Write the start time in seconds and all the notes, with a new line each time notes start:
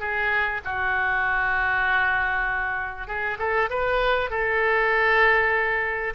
0.00 G#4
0.65 F#4
3.08 G#4
3.39 A4
3.70 B4
4.30 A4